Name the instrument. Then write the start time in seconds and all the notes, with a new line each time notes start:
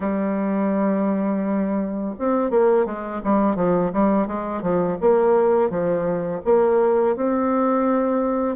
bassoon
0.00 G3
2.19 C4
2.50 A#3
2.85 G#3
3.24 G3
3.55 F3
3.92 G3
4.27 G#3
4.61 F3
5.01 A#3
5.69 F3
6.44 A#3
7.16 C4